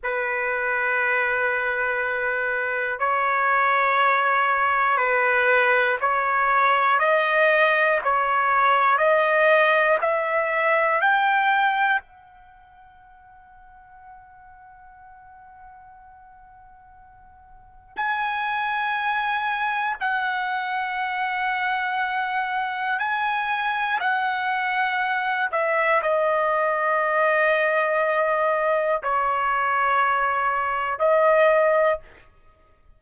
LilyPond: \new Staff \with { instrumentName = "trumpet" } { \time 4/4 \tempo 4 = 60 b'2. cis''4~ | cis''4 b'4 cis''4 dis''4 | cis''4 dis''4 e''4 g''4 | fis''1~ |
fis''2 gis''2 | fis''2. gis''4 | fis''4. e''8 dis''2~ | dis''4 cis''2 dis''4 | }